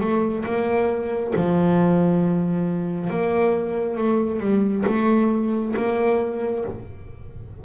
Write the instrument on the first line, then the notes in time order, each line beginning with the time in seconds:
double bass
0.00 A3
0.45 A#3
1.36 F3
3.10 A#3
3.97 A3
4.40 G3
4.86 A3
5.76 A#3